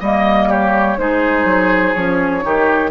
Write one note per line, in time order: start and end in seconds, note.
0.00 0.98 G3
0.00 0.98 A#3
0.00 0.48 D#5
0.00 0.51 D#5
0.49 0.97 G4
0.49 0.99 C#5
0.98 1.45 G#3
0.98 1.95 D#4
0.98 2.45 G#4
0.98 1.94 C5
1.45 1.93 F#3
1.94 2.44 F3
1.94 2.42 C#4
1.94 2.91 C#5
2.42 2.91 D#3
2.42 2.90 D#4
2.42 2.91 G4